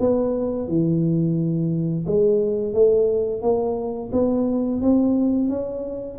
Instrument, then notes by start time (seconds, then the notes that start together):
tuba
0.00 B3
0.68 E3
2.07 G#3
2.74 A3
3.42 A#3
4.12 B3
4.81 C4
5.50 C#4